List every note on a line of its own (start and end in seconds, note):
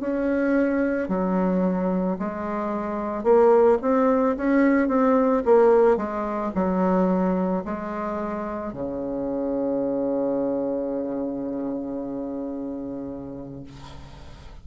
0.00 1.08 C#4
1.08 2.17 F#3
2.19 3.23 G#3
3.23 3.78 A#3
3.81 4.36 C4
4.36 4.88 C#4
4.88 5.42 C4
5.45 5.97 A#3
5.97 6.51 G#3
6.55 7.64 F#3
7.65 8.72 G#3
8.72 13.63 C#3